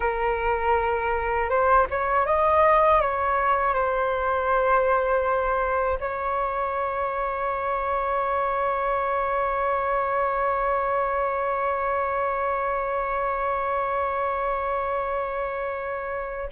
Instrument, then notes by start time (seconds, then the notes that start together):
flute
0.00 A#4
1.49 C5
1.90 C#5
2.26 D#5
3.01 C#5
3.74 C5
6.00 C#5